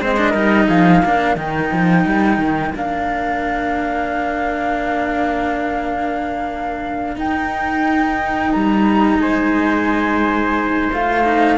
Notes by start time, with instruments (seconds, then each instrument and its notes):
0.00 cello G#3 C4, trumpet C5, flute D#5
0.17 cello D4
0.31 cello G3 D#4, trumpet A#4
0.68 cello F3, trumpet G#4, flute F5
1.02 cello A#3 D4, trumpet A#4
1.36 cello D#3 D#4, flute G5
1.72 cello F3
2.05 cello G3
2.38 cello D#3
2.74 cello A#3 D4, flute F5
7.16 cello D#4, flute G5
8.52 cello G3, flute A#5
9.18 cello G#3, trumpet C5, flute G#5
10.93 cello A3 F4, flute F5
11.24 cello D#4